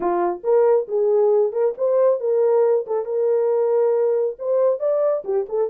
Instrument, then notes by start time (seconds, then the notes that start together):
horn
0.00 F4
0.43 A#4
0.88 G#4
1.52 A#4
1.77 C5
2.19 A#4
2.86 A4
3.05 A#4
4.38 C5
4.79 D5
5.24 G4
5.48 A4